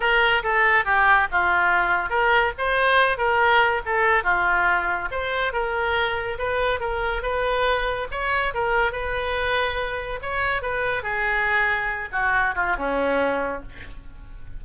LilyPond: \new Staff \with { instrumentName = "oboe" } { \time 4/4 \tempo 4 = 141 ais'4 a'4 g'4 f'4~ | f'4 ais'4 c''4. ais'8~ | ais'4 a'4 f'2 | c''4 ais'2 b'4 |
ais'4 b'2 cis''4 | ais'4 b'2. | cis''4 b'4 gis'2~ | gis'8 fis'4 f'8 cis'2 | }